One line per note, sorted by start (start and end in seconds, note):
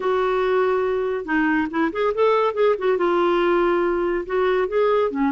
0.00 1.25 F#4
1.25 1.67 D#4
1.70 1.91 E4
1.92 2.13 G#4
2.14 2.53 A4
2.53 2.75 G#4
2.78 2.97 F#4
2.97 4.25 F4
4.26 4.68 F#4
4.68 5.10 G#4
5.10 5.32 C#4